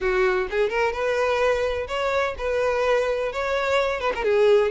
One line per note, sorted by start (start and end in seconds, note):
0.00 0.48 F#4
0.50 0.69 G#4
0.69 0.92 A#4
0.92 1.87 B4
1.87 2.35 C#5
2.38 3.32 B4
3.32 4.00 C#5
4.00 4.12 B4
4.15 4.24 A#4
4.24 4.71 G#4